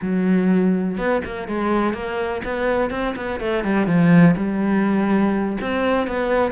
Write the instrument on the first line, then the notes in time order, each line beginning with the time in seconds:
cello
0.01 F#3
0.97 B3
1.25 A#3
1.48 G#3
1.93 A#3
2.44 B3
2.90 C4
3.15 B3
3.40 A3
3.64 G3
3.86 F3
4.36 G3
5.60 C4
6.07 B3